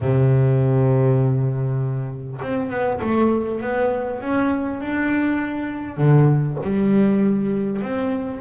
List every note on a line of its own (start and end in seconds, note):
0.00 2.40 C3
2.42 2.70 C4
2.70 3.00 B3
3.01 3.61 A3
3.61 4.20 B3
4.20 4.80 C#4
4.81 5.97 D4
5.97 6.57 D3
6.63 7.82 G3
7.82 8.40 C4